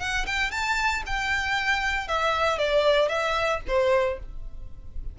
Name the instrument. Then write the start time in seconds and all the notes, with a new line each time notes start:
violin
0.00 F#5
0.26 G5
0.51 A5
1.07 G5
2.08 E5
2.58 D5
3.09 E5
3.67 C5